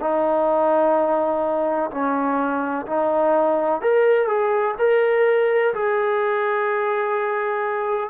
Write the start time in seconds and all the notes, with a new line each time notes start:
0.00 D#4
1.90 C#4
2.86 D#4
3.81 A#4
4.27 G#4
4.78 A#4
5.74 G#4